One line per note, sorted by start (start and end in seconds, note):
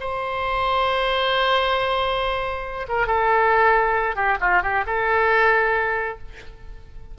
0.00 2.87 C5
2.88 3.06 A#4
3.06 4.15 A4
4.15 4.37 G4
4.40 4.62 F4
4.62 4.84 G4
4.86 6.18 A4